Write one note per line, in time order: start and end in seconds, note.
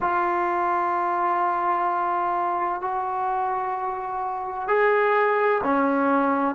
0.00 2.81 F4
2.81 4.67 F#4
4.67 5.61 G#4
5.63 6.55 C#4